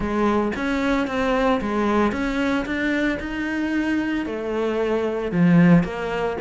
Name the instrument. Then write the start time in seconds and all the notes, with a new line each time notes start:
cello
0.00 G#3
0.56 C#4
1.07 C4
1.61 G#3
2.12 C#4
2.65 D4
3.19 D#4
4.26 A3
5.31 F3
5.83 A#3